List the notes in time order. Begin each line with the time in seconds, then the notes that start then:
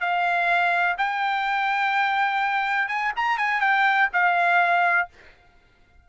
0.00 F5
0.98 G5
2.88 G#5
3.16 A#5
3.38 G#5
3.61 G5
4.13 F5